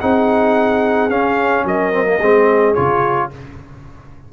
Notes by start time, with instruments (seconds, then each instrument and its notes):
0.00 tuba C4, trombone D#4, horn G#4, trumpet F#5
1.09 tuba C#4, trombone C#4, trumpet F5
1.64 tuba F#3, horn A#4, trumpet D#5
1.93 trombone C4
2.04 trombone A#3
2.19 tuba G#3, trombone C4, horn G#4
2.74 tuba C#3, trombone F4, trumpet C#5